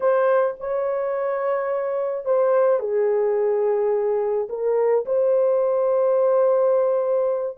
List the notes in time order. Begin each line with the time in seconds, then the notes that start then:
0.00 C5
0.60 C#5
2.25 C5
2.79 G#4
4.49 A#4
5.05 C5